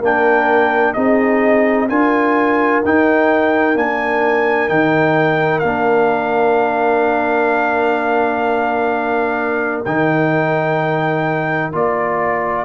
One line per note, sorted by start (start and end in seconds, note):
0.00 0.96 A#3
0.00 0.96 D4
0.00 0.94 A#4
0.00 0.94 G5
0.94 1.90 C4
0.94 1.89 D#4
0.94 1.89 G#4
0.94 1.88 D#5
1.89 2.84 D4
1.89 2.83 F4
1.89 12.65 A#4
1.89 2.83 G#5
2.85 3.76 D#4
2.85 3.78 G5
3.76 4.70 A#3
3.76 4.69 D4
3.76 4.69 G#5
4.69 5.63 D#3
4.69 5.63 D#4
4.69 5.60 G5
5.60 9.85 A#3
5.60 9.85 D4
5.60 9.81 F5
9.86 11.74 D#3
9.86 11.73 D#4
9.86 11.73 G5
11.73 12.65 A#3
11.73 12.65 F4
11.73 12.65 D5